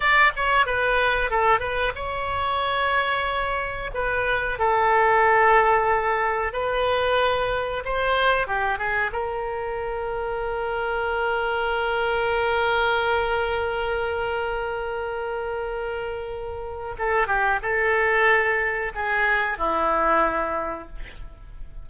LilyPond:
\new Staff \with { instrumentName = "oboe" } { \time 4/4 \tempo 4 = 92 d''8 cis''8 b'4 a'8 b'8 cis''4~ | cis''2 b'4 a'4~ | a'2 b'2 | c''4 g'8 gis'8 ais'2~ |
ais'1~ | ais'1~ | ais'2 a'8 g'8 a'4~ | a'4 gis'4 e'2 | }